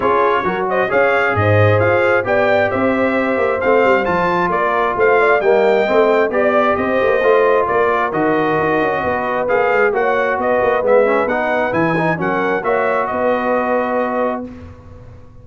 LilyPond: <<
  \new Staff \with { instrumentName = "trumpet" } { \time 4/4 \tempo 4 = 133 cis''4. dis''8 f''4 dis''4 | f''4 g''4 e''2 | f''4 a''4 d''4 f''4 | g''2 d''4 dis''4~ |
dis''4 d''4 dis''2~ | dis''4 f''4 fis''4 dis''4 | e''4 fis''4 gis''4 fis''4 | e''4 dis''2. | }
  \new Staff \with { instrumentName = "horn" } { \time 4/4 gis'4 ais'8 c''8 cis''4 c''4~ | c''4 d''4 c''2~ | c''2 ais'4 c''8 d''8 | dis''2 d''4 c''4~ |
c''4 ais'2. | b'2 cis''4 b'4~ | b'2. ais'4 | cis''4 b'2. | }
  \new Staff \with { instrumentName = "trombone" } { \time 4/4 f'4 fis'4 gis'2~ | gis'4 g'2. | c'4 f'2. | ais4 c'4 g'2 |
f'2 fis'2~ | fis'4 gis'4 fis'2 | b8 cis'8 dis'4 e'8 dis'8 cis'4 | fis'1 | }
  \new Staff \with { instrumentName = "tuba" } { \time 4/4 cis'4 fis4 cis'4 gis,4 | f'4 b4 c'4. ais8 | a8 g8 f4 ais4 a4 | g4 a4 b4 c'8 ais8 |
a4 ais4 dis4 dis'8 cis'8 | b4 ais8 gis8 ais4 b8 ais8 | gis4 b4 e4 fis4 | ais4 b2. | }
>>